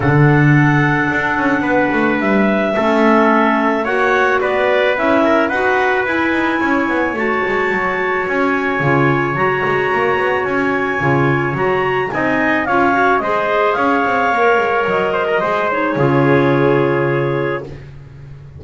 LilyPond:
<<
  \new Staff \with { instrumentName = "clarinet" } { \time 4/4 \tempo 4 = 109 fis''1 | e''2. fis''4 | d''4 e''4 fis''4 gis''4~ | gis''4 a''2 gis''4~ |
gis''4 ais''2 gis''4~ | gis''4 ais''4 gis''4 f''4 | dis''4 f''2 dis''4~ | dis''8 cis''2.~ cis''8 | }
  \new Staff \with { instrumentName = "trumpet" } { \time 4/4 a'2. b'4~ | b'4 a'2 cis''4 | b'4. ais'8 b'2 | cis''1~ |
cis''1~ | cis''2 dis''4 cis''4 | c''4 cis''2~ cis''8 c''16 ais'16 | c''4 gis'2. | }
  \new Staff \with { instrumentName = "clarinet" } { \time 4/4 d'1~ | d'4 cis'2 fis'4~ | fis'4 e'4 fis'4 e'4~ | e'4 fis'2. |
f'4 fis'2. | f'4 fis'4 dis'4 f'8 fis'8 | gis'2 ais'2 | gis'8 dis'8 f'2. | }
  \new Staff \with { instrumentName = "double bass" } { \time 4/4 d2 d'8 cis'8 b8 a8 | g4 a2 ais4 | b4 cis'4 dis'4 e'8 dis'8 | cis'8 b8 a8 gis8 fis4 cis'4 |
cis4 fis8 gis8 ais8 b8 cis'4 | cis4 fis4 c'4 cis'4 | gis4 cis'8 c'8 ais8 gis8 fis4 | gis4 cis2. | }
>>